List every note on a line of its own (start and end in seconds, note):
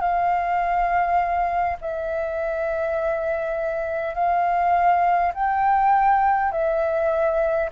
0.00 1.76 F5
1.80 4.14 E5
4.14 5.32 F5
5.34 6.51 G5
6.51 7.69 E5